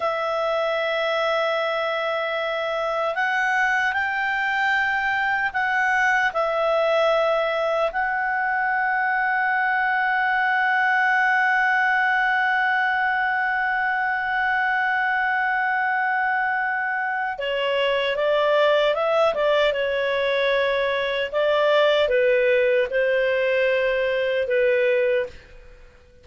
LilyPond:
\new Staff \with { instrumentName = "clarinet" } { \time 4/4 \tempo 4 = 76 e''1 | fis''4 g''2 fis''4 | e''2 fis''2~ | fis''1~ |
fis''1~ | fis''2 cis''4 d''4 | e''8 d''8 cis''2 d''4 | b'4 c''2 b'4 | }